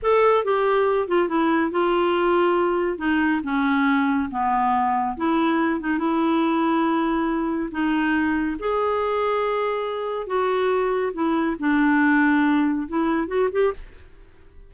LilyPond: \new Staff \with { instrumentName = "clarinet" } { \time 4/4 \tempo 4 = 140 a'4 g'4. f'8 e'4 | f'2. dis'4 | cis'2 b2 | e'4. dis'8 e'2~ |
e'2 dis'2 | gis'1 | fis'2 e'4 d'4~ | d'2 e'4 fis'8 g'8 | }